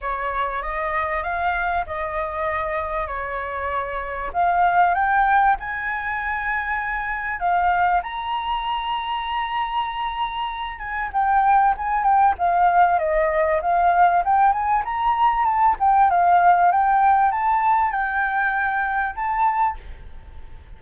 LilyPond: \new Staff \with { instrumentName = "flute" } { \time 4/4 \tempo 4 = 97 cis''4 dis''4 f''4 dis''4~ | dis''4 cis''2 f''4 | g''4 gis''2. | f''4 ais''2.~ |
ais''4. gis''8 g''4 gis''8 g''8 | f''4 dis''4 f''4 g''8 gis''8 | ais''4 a''8 g''8 f''4 g''4 | a''4 g''2 a''4 | }